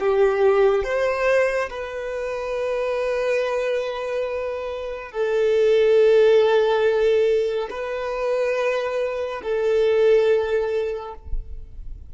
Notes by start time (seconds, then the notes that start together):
0.00 G4
0.84 C5
1.70 B4
5.12 A4
7.70 B4
9.43 A4